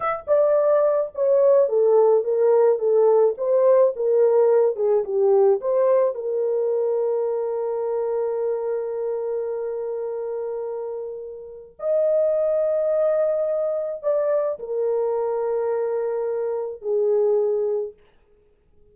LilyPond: \new Staff \with { instrumentName = "horn" } { \time 4/4 \tempo 4 = 107 e''8 d''4. cis''4 a'4 | ais'4 a'4 c''4 ais'4~ | ais'8 gis'8 g'4 c''4 ais'4~ | ais'1~ |
ais'1~ | ais'4 dis''2.~ | dis''4 d''4 ais'2~ | ais'2 gis'2 | }